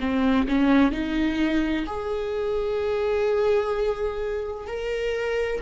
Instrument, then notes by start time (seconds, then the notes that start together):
viola
0.00 C4
0.48 C#4
0.92 D#4
1.86 G#4
4.67 A#4